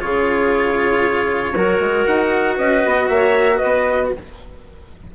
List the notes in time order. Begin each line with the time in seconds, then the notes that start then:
0.00 C#3 F4 G#4 C#5
1.54 F#3 F#4 A#4
1.79 G#3
2.06 D#4 F#5
2.56 C#4 B4 D#5
2.86 B3
3.08 A#3 C#5 E5
3.57 B4 D#5
3.64 B3